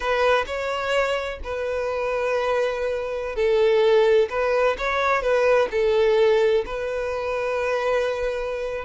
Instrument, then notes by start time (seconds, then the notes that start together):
violin
0.00 B4
0.46 C#5
1.43 B4
3.35 A4
4.29 B4
4.78 C#5
5.21 B4
5.71 A4
6.65 B4